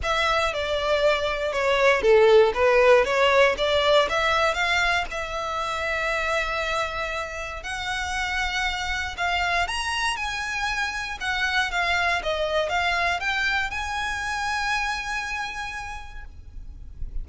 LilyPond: \new Staff \with { instrumentName = "violin" } { \time 4/4 \tempo 4 = 118 e''4 d''2 cis''4 | a'4 b'4 cis''4 d''4 | e''4 f''4 e''2~ | e''2. fis''4~ |
fis''2 f''4 ais''4 | gis''2 fis''4 f''4 | dis''4 f''4 g''4 gis''4~ | gis''1 | }